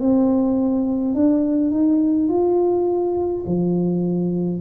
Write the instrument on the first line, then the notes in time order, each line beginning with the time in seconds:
tuba
0.00 C4
1.15 D4
1.71 D#4
2.29 F4
3.46 F3